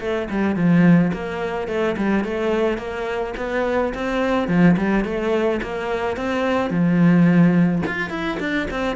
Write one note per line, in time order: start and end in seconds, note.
0.00 0.28 A3
0.30 0.56 G3
0.56 1.12 F3
1.13 1.68 A#3
1.68 1.96 A3
1.97 2.24 G3
2.24 2.78 A3
2.78 3.34 A#3
3.37 3.93 B3
3.94 4.48 C4
4.48 4.76 F3
4.77 5.04 G3
5.04 5.60 A3
5.62 6.17 A#3
6.17 6.70 C4
6.70 7.82 F3
7.86 8.10 F4
8.10 8.38 E4
8.40 8.68 D4
8.70 8.96 C4